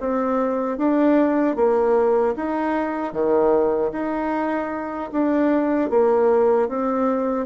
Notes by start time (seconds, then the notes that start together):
0.00 C4
0.77 D4
1.56 A#3
2.36 D#4
3.13 D#3
3.92 D#4
5.12 D4
5.90 A#3
6.68 C4